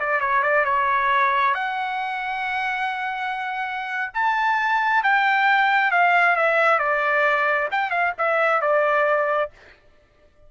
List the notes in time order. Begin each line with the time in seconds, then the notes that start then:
0.00 D5
0.21 C#5
0.43 D5
0.65 C#5
1.54 F#5
4.14 A5
5.03 G5
5.92 F5
6.36 E5
6.79 D5
7.72 G5
7.91 F5
8.18 E5
8.62 D5